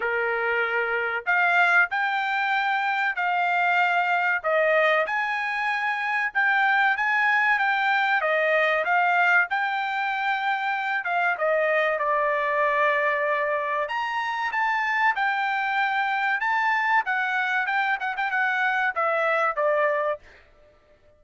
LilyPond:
\new Staff \with { instrumentName = "trumpet" } { \time 4/4 \tempo 4 = 95 ais'2 f''4 g''4~ | g''4 f''2 dis''4 | gis''2 g''4 gis''4 | g''4 dis''4 f''4 g''4~ |
g''4. f''8 dis''4 d''4~ | d''2 ais''4 a''4 | g''2 a''4 fis''4 | g''8 fis''16 g''16 fis''4 e''4 d''4 | }